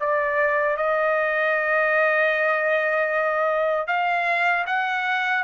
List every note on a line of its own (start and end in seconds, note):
0.00 0.77 D5
0.77 3.87 D#5
3.87 4.65 F5
4.66 5.44 F#5